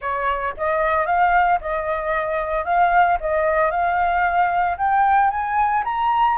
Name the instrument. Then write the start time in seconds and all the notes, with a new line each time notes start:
flute
0.01 C#5
0.57 D#5
1.05 F5
1.60 D#5
2.65 F5
3.20 D#5
3.70 F5
4.77 G5
5.30 G#5
5.84 A#5